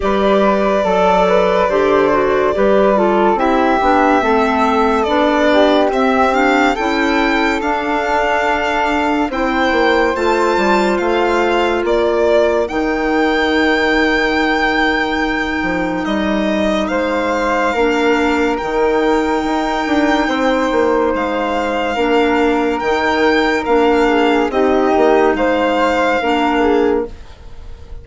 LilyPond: <<
  \new Staff \with { instrumentName = "violin" } { \time 4/4 \tempo 4 = 71 d''1 | e''2 d''4 e''8 f''8 | g''4 f''2 g''4 | a''4 f''4 d''4 g''4~ |
g''2. dis''4 | f''2 g''2~ | g''4 f''2 g''4 | f''4 dis''4 f''2 | }
  \new Staff \with { instrumentName = "flute" } { \time 4/4 b'4 a'8 b'8 c''4 b'8 a'8 | g'4 a'4. g'4. | a'2. c''4~ | c''2 ais'2~ |
ais'1 | c''4 ais'2. | c''2 ais'2~ | ais'8 gis'8 g'4 c''4 ais'8 gis'8 | }
  \new Staff \with { instrumentName = "clarinet" } { \time 4/4 g'4 a'4 g'8 fis'8 g'8 f'8 | e'8 d'8 c'4 d'4 c'8 d'8 | e'4 d'2 e'4 | f'2. dis'4~ |
dis'1~ | dis'4 d'4 dis'2~ | dis'2 d'4 dis'4 | d'4 dis'2 d'4 | }
  \new Staff \with { instrumentName = "bassoon" } { \time 4/4 g4 fis4 d4 g4 | c'8 b8 a4 b4 c'4 | cis'4 d'2 c'8 ais8 | a8 g8 a4 ais4 dis4~ |
dis2~ dis8 f8 g4 | gis4 ais4 dis4 dis'8 d'8 | c'8 ais8 gis4 ais4 dis4 | ais4 c'8 ais8 gis4 ais4 | }
>>